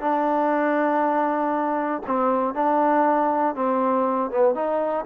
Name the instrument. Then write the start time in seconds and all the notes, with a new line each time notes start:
trombone
0.00 D4
2.06 C4
2.54 D4
3.55 C4
4.31 B3
4.54 D#4